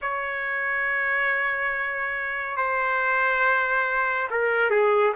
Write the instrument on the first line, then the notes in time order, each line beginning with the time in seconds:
trumpet
0.01 C#5
2.56 C5
4.30 A#4
4.70 G#4